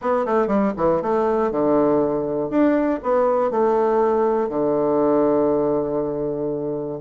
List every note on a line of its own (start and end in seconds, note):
0.01 0.25 B3
0.25 0.47 A3
0.47 0.72 G3
0.76 1.01 E3
1.02 1.51 A3
1.51 2.50 D3
2.50 3.00 D4
3.02 3.50 B3
3.50 4.49 A3
4.49 6.99 D3